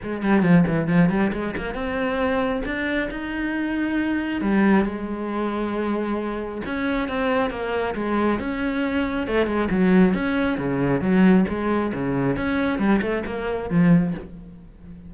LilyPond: \new Staff \with { instrumentName = "cello" } { \time 4/4 \tempo 4 = 136 gis8 g8 f8 e8 f8 g8 gis8 ais8 | c'2 d'4 dis'4~ | dis'2 g4 gis4~ | gis2. cis'4 |
c'4 ais4 gis4 cis'4~ | cis'4 a8 gis8 fis4 cis'4 | cis4 fis4 gis4 cis4 | cis'4 g8 a8 ais4 f4 | }